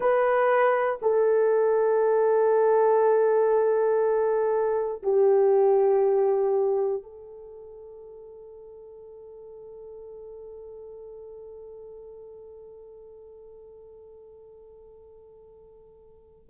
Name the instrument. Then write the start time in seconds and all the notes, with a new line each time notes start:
horn
0.00 B4
1.01 A4
5.02 G4
7.03 A4